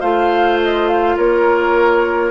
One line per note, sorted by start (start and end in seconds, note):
0.00 1.17 A3
0.00 2.31 F4
0.00 1.15 C5
0.00 0.58 F5
0.63 0.88 D#5
0.88 1.17 F5
1.17 2.31 A#3
1.17 2.31 A#4
1.17 2.31 C#5